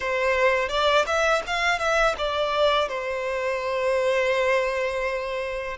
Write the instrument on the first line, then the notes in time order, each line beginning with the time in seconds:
violin
0.00 C5
0.69 D5
1.06 E5
1.46 F5
1.78 E5
2.18 D5
2.88 C5